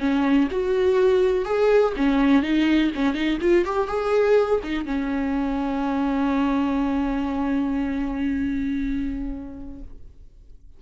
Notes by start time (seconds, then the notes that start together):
0.00 C#4
0.51 F#4
1.45 G#4
1.97 C#4
2.43 D#4
2.96 C#4
3.14 D#4
3.41 F4
3.65 G4
3.88 G#4
4.63 D#4
4.86 C#4